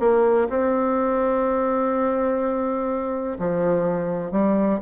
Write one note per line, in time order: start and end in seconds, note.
0.00 0.48 A#3
0.50 3.38 C4
3.39 4.32 F3
4.32 4.80 G3